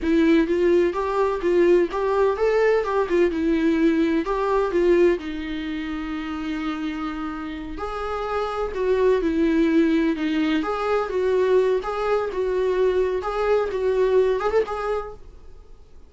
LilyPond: \new Staff \with { instrumentName = "viola" } { \time 4/4 \tempo 4 = 127 e'4 f'4 g'4 f'4 | g'4 a'4 g'8 f'8 e'4~ | e'4 g'4 f'4 dis'4~ | dis'1~ |
dis'8 gis'2 fis'4 e'8~ | e'4. dis'4 gis'4 fis'8~ | fis'4 gis'4 fis'2 | gis'4 fis'4. gis'16 a'16 gis'4 | }